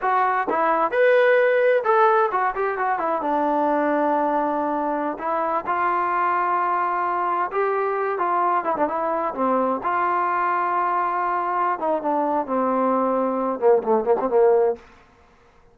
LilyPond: \new Staff \with { instrumentName = "trombone" } { \time 4/4 \tempo 4 = 130 fis'4 e'4 b'2 | a'4 fis'8 g'8 fis'8 e'8 d'4~ | d'2.~ d'16 e'8.~ | e'16 f'2.~ f'8.~ |
f'16 g'4. f'4 e'16 d'16 e'8.~ | e'16 c'4 f'2~ f'8.~ | f'4. dis'8 d'4 c'4~ | c'4. ais8 a8 ais16 c'16 ais4 | }